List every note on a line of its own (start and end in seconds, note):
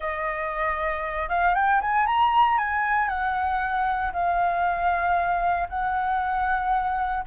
0.00 1.28 D#5
1.28 1.54 F5
1.54 1.80 G5
1.81 2.06 G#5
2.06 2.58 A#5
2.58 3.08 G#5
3.08 4.11 F#5
4.12 5.68 F5
5.69 7.24 F#5